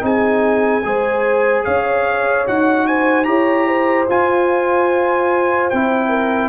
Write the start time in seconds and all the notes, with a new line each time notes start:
0.00 C4 D#4 G#4 G#5
0.84 G#3 G#4 C5
1.64 C#4 C#5 F5
2.46 D#4 F#4 F#5
2.87 C5 G#5
3.24 E4 G4 C#5 A#5
3.67 C5
4.09 F4 G#5
5.70 C4 E4 G5
6.08 A#4